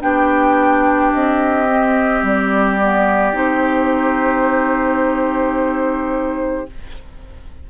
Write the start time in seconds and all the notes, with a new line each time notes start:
0.00 B3 D4 G4 G5
1.13 C4 D#5
1.69 C4
2.22 G3 D5
2.81 B3
3.32 C4 D#4 C5